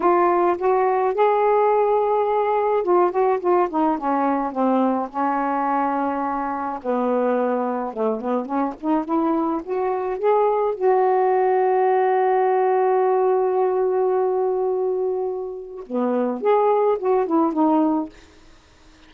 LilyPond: \new Staff \with { instrumentName = "saxophone" } { \time 4/4 \tempo 4 = 106 f'4 fis'4 gis'2~ | gis'4 f'8 fis'8 f'8 dis'8 cis'4 | c'4 cis'2. | b2 a8 b8 cis'8 dis'8 |
e'4 fis'4 gis'4 fis'4~ | fis'1~ | fis'1 | b4 gis'4 fis'8 e'8 dis'4 | }